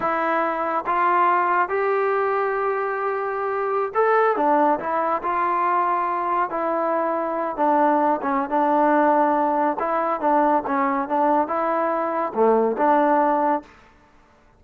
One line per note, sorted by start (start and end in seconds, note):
0.00 0.84 E4
0.86 1.68 F4
1.68 3.92 G4
3.94 4.36 A4
4.36 4.79 D4
4.79 5.22 E4
5.22 6.50 F4
6.50 7.56 E4
7.56 8.20 D4
8.22 8.49 C#4
8.49 9.77 D4
9.79 10.20 E4
10.20 10.63 D4
10.66 11.08 C#4
11.08 11.47 D4
11.47 12.32 E4
12.34 12.76 A3
12.77 13.62 D4